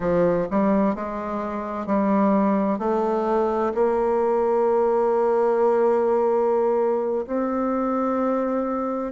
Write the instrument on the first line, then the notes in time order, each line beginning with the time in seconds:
bassoon
0.00 F3
0.50 G3
0.95 G#3
1.86 G3
2.79 A3
3.74 A#3
7.27 C4